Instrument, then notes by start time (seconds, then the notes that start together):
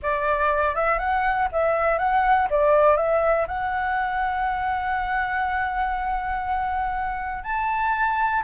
flute
0.02 D5
0.75 E5
0.98 F#5
1.51 E5
1.98 F#5
2.50 D5
2.96 E5
3.47 F#5
7.43 A5